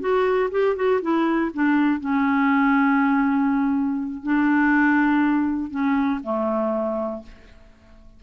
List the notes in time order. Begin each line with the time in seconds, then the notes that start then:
0.00 F#4
0.51 G4
0.76 F#4
1.02 E4
1.53 D4
2.00 C#4
4.23 D4
5.70 C#4
6.23 A3